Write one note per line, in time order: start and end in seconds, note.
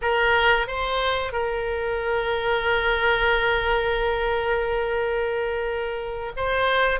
0.01 0.67 A#4
0.67 1.32 C5
1.32 6.32 A#4
6.36 7.00 C5